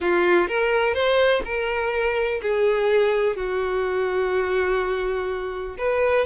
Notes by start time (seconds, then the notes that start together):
0.00 F4
0.48 A#4
0.94 C5
1.44 A#4
2.42 G#4
3.36 F#4
5.78 B4